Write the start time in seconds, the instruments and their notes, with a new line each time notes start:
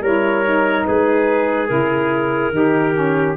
0.00 tuba G3, saxophone E4, trumpet A#4, clarinet C#5
0.44 saxophone D#4
0.85 tuba G#3, trumpet G#4, clarinet B4
1.67 tuba C#3, saxophone E4, clarinet A#4
2.51 tuba D#3, saxophone D#4, trumpet G4
2.93 saxophone C#4